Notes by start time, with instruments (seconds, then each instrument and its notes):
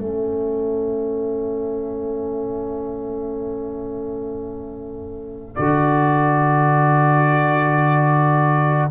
0.00 tuba A3, trombone C#4, horn A4, trumpet E5
5.56 tuba D3, trombone F#4, trumpet D5